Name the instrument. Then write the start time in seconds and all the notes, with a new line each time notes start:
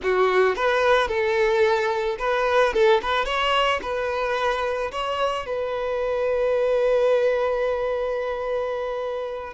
violin
0.02 F#4
0.55 B4
1.08 A4
2.18 B4
2.73 A4
3.02 B4
3.25 C#5
3.82 B4
4.91 C#5
5.45 B4